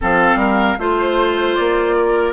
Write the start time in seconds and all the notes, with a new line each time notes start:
0.01 F3 C4 A4 F5
0.35 G3 A#4
0.78 A3 F4 C5
1.54 A#3 D5
1.96 A#4